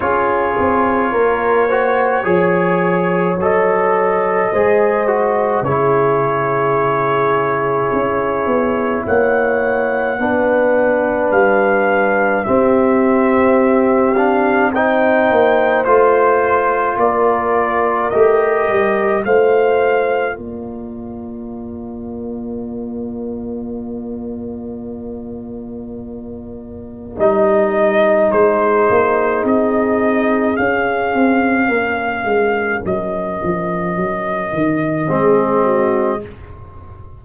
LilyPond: <<
  \new Staff \with { instrumentName = "trumpet" } { \time 4/4 \tempo 4 = 53 cis''2. dis''4~ | dis''4 cis''2. | fis''2 f''4 e''4~ | e''8 f''8 g''4 c''4 d''4 |
dis''4 f''4 d''2~ | d''1 | dis''4 c''4 dis''4 f''4~ | f''4 dis''2. | }
  \new Staff \with { instrumentName = "horn" } { \time 4/4 gis'4 ais'8 c''8 cis''2 | c''4 gis'2. | cis''4 b'2 g'4~ | g'4 c''2 ais'4~ |
ais'4 c''4 ais'2~ | ais'1~ | ais'4 gis'2. | ais'2. gis'8 fis'8 | }
  \new Staff \with { instrumentName = "trombone" } { \time 4/4 f'4. fis'8 gis'4 a'4 | gis'8 fis'8 e'2.~ | e'4 d'2 c'4~ | c'8 d'8 dis'4 f'2 |
g'4 f'2.~ | f'1 | dis'2. cis'4~ | cis'2. c'4 | }
  \new Staff \with { instrumentName = "tuba" } { \time 4/4 cis'8 c'8 ais4 f4 fis4 | gis4 cis2 cis'8 b8 | ais4 b4 g4 c'4~ | c'4. ais8 a4 ais4 |
a8 g8 a4 ais2~ | ais1 | g4 gis8 ais8 c'4 cis'8 c'8 | ais8 gis8 fis8 f8 fis8 dis8 gis4 | }
>>